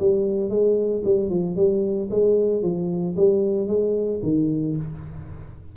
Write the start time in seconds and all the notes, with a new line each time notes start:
0.00 G3
0.50 G#3
1.05 G3
1.30 F3
1.56 G3
2.11 G#3
2.63 F3
3.17 G3
3.68 G#3
4.23 D#3